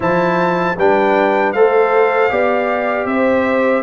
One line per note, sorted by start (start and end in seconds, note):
0.00 0.75 F3
0.00 0.75 E4
0.00 0.77 C5
0.00 0.78 A5
0.77 1.54 G3
0.77 1.55 D4
0.77 1.54 B4
0.77 1.52 G5
1.52 2.30 A3
1.52 2.29 A4
1.52 2.30 C5
1.52 3.06 F5
2.29 3.05 B3
2.29 3.83 G4
2.29 3.07 D5
3.05 3.82 C4
3.05 3.83 C5
3.05 3.83 E5